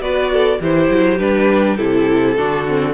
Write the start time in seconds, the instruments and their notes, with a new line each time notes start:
0.00 cello B3, viola F#4, violin B4 D5
0.31 violin A4
0.60 cello E3, viola E4, violin G4 C5
0.90 cello F#3
1.18 cello G3, viola D4, violin B4
1.76 cello C3, viola E4, violin A4
2.36 cello D3, viola D4, violin F#4
2.68 viola C4